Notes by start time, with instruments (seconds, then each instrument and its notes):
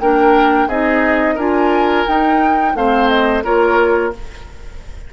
0.00 bassoon A#3, clarinet D4, oboe A#4, flute G5
0.67 bassoon C4, clarinet D#4, oboe G#4, flute D#5
1.35 bassoon D4, clarinet F4, oboe A#4, flute G#5
2.07 clarinet D#4, bassoon D#4, flute G5
2.74 bassoon A3, clarinet C4, oboe C5, flute F5
3.08 flute D#5
3.44 bassoon A#3, clarinet F4, oboe A#4, flute C#5